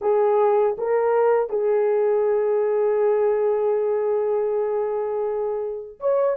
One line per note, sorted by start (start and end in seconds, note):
0.01 0.76 G#4
0.78 1.49 A#4
1.49 5.99 G#4
6.00 6.36 C#5